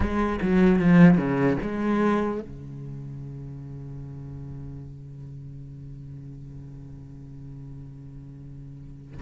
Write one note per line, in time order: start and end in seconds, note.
0.00 0.39 G#3
0.41 0.79 F#3
0.79 1.17 F3
1.17 1.57 C#3
1.62 2.41 G#3
2.41 9.21 C#3